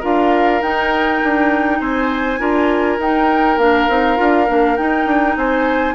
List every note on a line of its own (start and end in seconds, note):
0.00 0.62 D4
0.00 0.61 F4
0.00 1.78 A#4
0.00 0.62 F5
0.62 1.21 D#4
0.62 2.39 D#4
0.62 1.80 G5
1.24 1.80 D4
1.80 2.39 C4
1.80 2.40 C5
1.80 2.99 G#5
2.39 2.98 D4
2.39 2.99 F4
2.39 5.37 A#4
2.98 3.57 D#4
2.98 3.60 D#4
2.98 3.59 G5
3.57 3.87 A#3
3.57 3.89 D4
3.57 4.77 F5
3.89 4.18 C4
3.89 4.16 D#4
4.16 4.49 D4
4.16 4.46 F4
4.47 4.78 A#3
4.47 4.77 D4
4.77 5.06 D#4
4.77 5.95 D#4
4.77 5.36 G5
5.06 5.36 D4
5.36 5.95 C4
5.36 5.95 C5
5.36 5.95 G#5